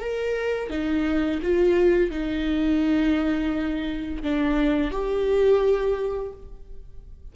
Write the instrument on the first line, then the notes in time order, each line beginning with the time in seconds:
viola
0.00 A#4
0.70 D#4
1.42 F4
2.10 D#4
4.23 D4
4.91 G4